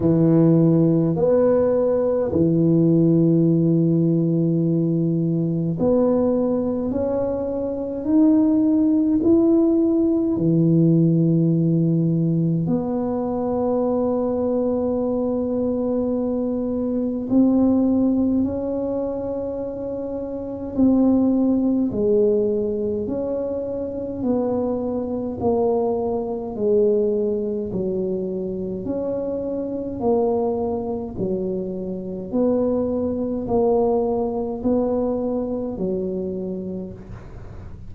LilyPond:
\new Staff \with { instrumentName = "tuba" } { \time 4/4 \tempo 4 = 52 e4 b4 e2~ | e4 b4 cis'4 dis'4 | e'4 e2 b4~ | b2. c'4 |
cis'2 c'4 gis4 | cis'4 b4 ais4 gis4 | fis4 cis'4 ais4 fis4 | b4 ais4 b4 fis4 | }